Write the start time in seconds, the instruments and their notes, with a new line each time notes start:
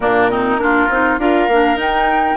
0.00 bassoon A#2, clarinet A#3, oboe D4, flute A#4
0.29 clarinet C4, oboe D#4
0.57 bassoon A#3, clarinet D4, oboe F4
0.89 bassoon C4, clarinet D#4
1.18 bassoon D4, clarinet F4, oboe A#4, flute F5
1.48 bassoon A#3, clarinet D4
1.75 bassoon D#4, clarinet D#4, flute G5